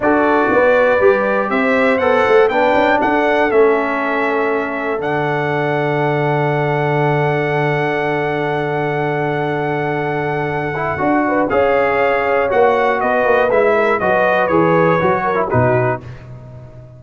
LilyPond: <<
  \new Staff \with { instrumentName = "trumpet" } { \time 4/4 \tempo 4 = 120 d''2. e''4 | fis''4 g''4 fis''4 e''4~ | e''2 fis''2~ | fis''1~ |
fis''1~ | fis''2. f''4~ | f''4 fis''4 dis''4 e''4 | dis''4 cis''2 b'4 | }
  \new Staff \with { instrumentName = "horn" } { \time 4/4 a'4 b'2 c''4~ | c''4 b'4 a'2~ | a'1~ | a'1~ |
a'1~ | a'2~ a'8 b'8 cis''4~ | cis''2 b'4. ais'8 | b'2~ b'8 ais'8 fis'4 | }
  \new Staff \with { instrumentName = "trombone" } { \time 4/4 fis'2 g'2 | a'4 d'2 cis'4~ | cis'2 d'2~ | d'1~ |
d'1~ | d'4. e'8 fis'4 gis'4~ | gis'4 fis'2 e'4 | fis'4 gis'4 fis'8. e'16 dis'4 | }
  \new Staff \with { instrumentName = "tuba" } { \time 4/4 d'4 b4 g4 c'4 | b8 a8 b8 cis'8 d'4 a4~ | a2 d2~ | d1~ |
d1~ | d2 d'4 cis'4~ | cis'4 ais4 b8 ais8 gis4 | fis4 e4 fis4 b,4 | }
>>